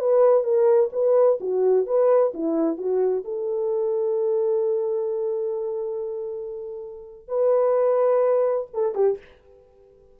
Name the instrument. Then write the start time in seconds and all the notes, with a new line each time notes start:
horn
0.00 B4
0.44 A#4
0.92 B4
1.41 F#4
1.86 B4
2.34 E4
2.78 F#4
3.25 A4
7.28 B4
8.74 A4
8.95 G4